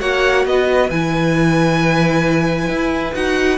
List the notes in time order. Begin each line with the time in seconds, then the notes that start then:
0.00 A#3 F#4 C#5 F#5
0.45 B3 B4 D#5
0.90 E3 E4 G#5
2.69 E4
3.14 D#4 F#4 F#5